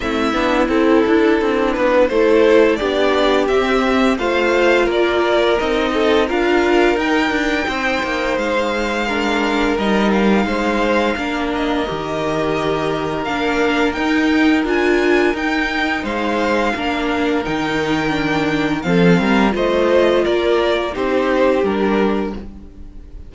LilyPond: <<
  \new Staff \with { instrumentName = "violin" } { \time 4/4 \tempo 4 = 86 e''4 a'4. b'8 c''4 | d''4 e''4 f''4 d''4 | dis''4 f''4 g''2 | f''2 dis''8 f''4.~ |
f''8 dis''2~ dis''8 f''4 | g''4 gis''4 g''4 f''4~ | f''4 g''2 f''4 | dis''4 d''4 c''4 ais'4 | }
  \new Staff \with { instrumentName = "violin" } { \time 4/4 e'2. a'4 | g'2 c''4 ais'4~ | ais'8 a'8 ais'2 c''4~ | c''4 ais'2 c''4 |
ais'1~ | ais'2. c''4 | ais'2. a'8 ais'8 | c''4 ais'4 g'2 | }
  \new Staff \with { instrumentName = "viola" } { \time 4/4 c'8 d'8 e'4 d'4 e'4 | d'4 c'4 f'2 | dis'4 f'4 dis'2~ | dis'4 d'4 dis'2 |
d'4 g'2 d'4 | dis'4 f'4 dis'2 | d'4 dis'4 d'4 c'4 | f'2 dis'4 d'4 | }
  \new Staff \with { instrumentName = "cello" } { \time 4/4 a8 b8 c'8 d'8 c'8 b8 a4 | b4 c'4 a4 ais4 | c'4 d'4 dis'8 d'8 c'8 ais8 | gis2 g4 gis4 |
ais4 dis2 ais4 | dis'4 d'4 dis'4 gis4 | ais4 dis2 f8 g8 | a4 ais4 c'4 g4 | }
>>